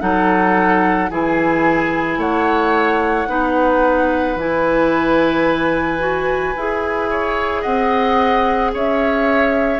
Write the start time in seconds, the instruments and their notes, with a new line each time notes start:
0.00 bassoon F#3, clarinet D#4, oboe A4, flute F#5
1.10 bassoon E3, clarinet E4, oboe G#4, flute G#5
2.18 bassoon A3, oboe C#5, flute F#5
3.27 bassoon B3, clarinet D#4, oboe B4
4.36 bassoon E3, clarinet E4, flute G#5
5.99 clarinet F#4
6.56 bassoon E4, clarinet G#4
7.10 oboe C#5
7.62 bassoon C4, oboe D#5, flute F#5
8.73 bassoon C#4, oboe C#5, flute E5